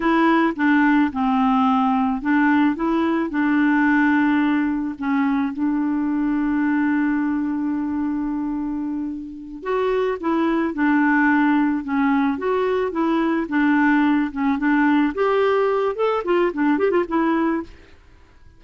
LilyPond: \new Staff \with { instrumentName = "clarinet" } { \time 4/4 \tempo 4 = 109 e'4 d'4 c'2 | d'4 e'4 d'2~ | d'4 cis'4 d'2~ | d'1~ |
d'4. fis'4 e'4 d'8~ | d'4. cis'4 fis'4 e'8~ | e'8 d'4. cis'8 d'4 g'8~ | g'4 a'8 f'8 d'8 g'16 f'16 e'4 | }